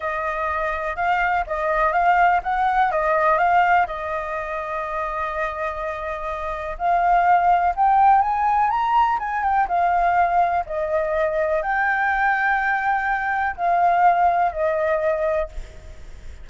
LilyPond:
\new Staff \with { instrumentName = "flute" } { \time 4/4 \tempo 4 = 124 dis''2 f''4 dis''4 | f''4 fis''4 dis''4 f''4 | dis''1~ | dis''2 f''2 |
g''4 gis''4 ais''4 gis''8 g''8 | f''2 dis''2 | g''1 | f''2 dis''2 | }